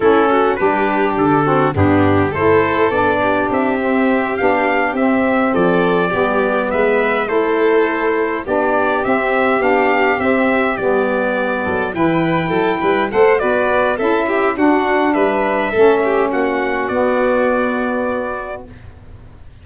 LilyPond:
<<
  \new Staff \with { instrumentName = "trumpet" } { \time 4/4 \tempo 4 = 103 a'4 b'4 a'4 g'4 | c''4 d''4 e''4. f''8~ | f''8 e''4 d''2 e''8~ | e''8 c''2 d''4 e''8~ |
e''8 f''4 e''4 d''4.~ | d''8 g''2 fis''8 d''4 | e''4 fis''4 e''2 | fis''4 d''2. | }
  \new Staff \with { instrumentName = "violin" } { \time 4/4 e'8 fis'8 g'4. fis'8 d'4 | a'4. g'2~ g'8~ | g'4. a'4 g'4 b'8~ | b'8 a'2 g'4.~ |
g'1 | a'8 b'4 a'8 b'8 c''8 b'4 | a'8 g'8 fis'4 b'4 a'8 g'8 | fis'1 | }
  \new Staff \with { instrumentName = "saxophone" } { \time 4/4 cis'4 d'4. c'8 b4 | e'4 d'4. c'4 d'8~ | d'8 c'2 b4.~ | b8 e'2 d'4 c'8~ |
c'8 d'4 c'4 b4.~ | b8 e'2 a'8 fis'4 | e'4 d'2 cis'4~ | cis'4 b2. | }
  \new Staff \with { instrumentName = "tuba" } { \time 4/4 a4 g4 d4 g,4 | a4 b4 c'4. b8~ | b8 c'4 f4 g4 gis8~ | gis8 a2 b4 c'8~ |
c'8 b4 c'4 g4. | fis8 e4 fis8 g8 a8 b4 | cis'4 d'4 g4 a4 | ais4 b2. | }
>>